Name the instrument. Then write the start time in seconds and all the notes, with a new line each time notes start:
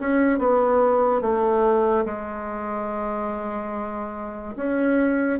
bassoon
0.00 C#4
0.38 B3
1.21 A3
2.05 G#3
4.56 C#4